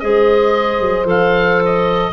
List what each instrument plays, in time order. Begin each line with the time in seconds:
0.00 tuba G#3, clarinet G#4, horn C5, oboe D#5
0.80 tuba F#3
1.05 tuba F3, clarinet A4, oboe F5
1.65 oboe D#5